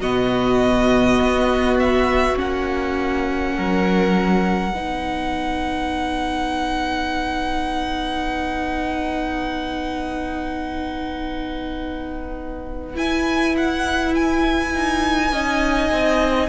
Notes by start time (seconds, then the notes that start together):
0.00 B2 B3 F#4 D#5
1.21 B3
1.79 E5
2.35 A#3 C#4 F#5
3.56 F#3 A#4
4.72 B3 D#4 B4
12.94 E4 G#5
13.57 F#5
14.14 G#5
14.74 D#4
15.31 C#4 D#4 D#5
15.91 C4